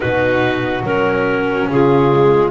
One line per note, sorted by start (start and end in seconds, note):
0.00 0.82 B2
0.00 0.84 D#4
0.00 1.68 F#4
0.00 0.83 B4
0.82 1.67 F#3
0.82 2.10 C#4
0.82 1.69 A#4
1.67 2.51 C#3
1.67 2.51 F4
1.67 2.51 G#4
2.10 2.51 G#3